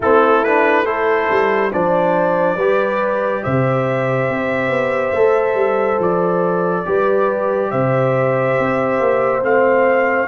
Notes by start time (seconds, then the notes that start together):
0.00 A3 C4 E4 A4
0.44 D4 B4
0.85 E4 A4 C5
1.30 G3
1.71 F3 D4 C5 D5
2.56 G3 G4 B4
3.43 C3 C5 E5
4.29 C4
4.69 B3
5.12 A3 A4
5.54 G3
5.99 F3 D5
6.85 G3 G4 B4
7.70 C3 C5 E5
8.59 C4
8.99 A#3
9.42 A3 C4 F5